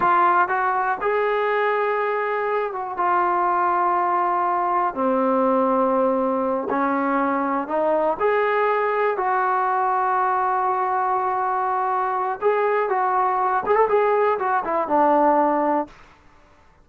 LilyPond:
\new Staff \with { instrumentName = "trombone" } { \time 4/4 \tempo 4 = 121 f'4 fis'4 gis'2~ | gis'4. fis'8 f'2~ | f'2 c'2~ | c'4. cis'2 dis'8~ |
dis'8 gis'2 fis'4.~ | fis'1~ | fis'4 gis'4 fis'4. gis'16 a'16 | gis'4 fis'8 e'8 d'2 | }